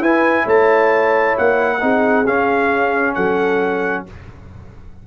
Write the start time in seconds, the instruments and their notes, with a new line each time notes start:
0.00 tuba E4, trombone E4, horn B4, trumpet G#5
0.44 tuba A3, horn C#5, trumpet A5
1.38 tuba A#3, trumpet F#5
1.80 tuba C4, trombone D#4, horn G#4
2.26 tuba C#4, trombone C#4, trumpet F5
3.14 tuba F#3, horn A4, trumpet F#5